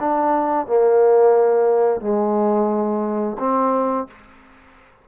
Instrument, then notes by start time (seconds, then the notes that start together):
trombone
0.00 D4
0.67 A#3
2.01 G#3
3.39 C4